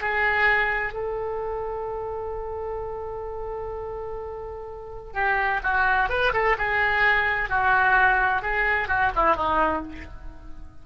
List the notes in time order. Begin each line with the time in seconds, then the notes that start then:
0.00 G#4
0.93 A4
5.13 G4
5.63 F#4
6.09 B4
6.33 A4
6.58 G#4
7.49 F#4
8.42 G#4
8.87 F#4
9.15 E4
9.35 D#4